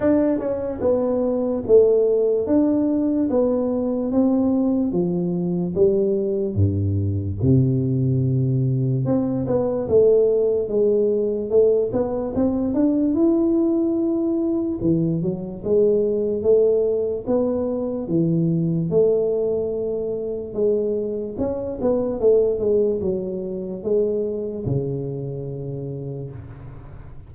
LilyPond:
\new Staff \with { instrumentName = "tuba" } { \time 4/4 \tempo 4 = 73 d'8 cis'8 b4 a4 d'4 | b4 c'4 f4 g4 | g,4 c2 c'8 b8 | a4 gis4 a8 b8 c'8 d'8 |
e'2 e8 fis8 gis4 | a4 b4 e4 a4~ | a4 gis4 cis'8 b8 a8 gis8 | fis4 gis4 cis2 | }